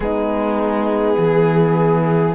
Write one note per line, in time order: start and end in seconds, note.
0.00 1.16 G#3
0.00 2.34 B3
0.00 1.17 D#4
0.00 2.34 G#4
1.17 2.34 E3
1.17 2.34 G#4